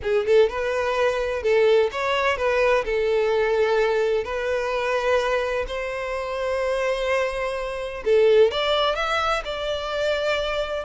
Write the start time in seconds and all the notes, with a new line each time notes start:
0.02 G#4
0.26 A4
0.49 B4
1.43 A4
1.91 C#5
2.37 B4
2.84 A4
4.24 B4
5.67 C5
8.04 A4
8.51 D5
8.95 E5
9.45 D5